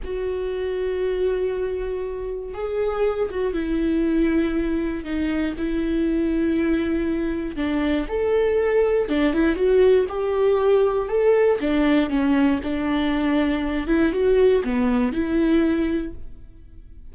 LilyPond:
\new Staff \with { instrumentName = "viola" } { \time 4/4 \tempo 4 = 119 fis'1~ | fis'4 gis'4. fis'8 e'4~ | e'2 dis'4 e'4~ | e'2. d'4 |
a'2 d'8 e'8 fis'4 | g'2 a'4 d'4 | cis'4 d'2~ d'8 e'8 | fis'4 b4 e'2 | }